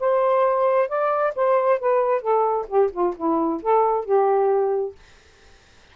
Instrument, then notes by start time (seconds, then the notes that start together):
saxophone
0.00 C5
0.89 D5
1.36 C5
1.80 B4
2.21 A4
2.68 G4
2.92 F4
3.17 E4
3.63 A4
4.05 G4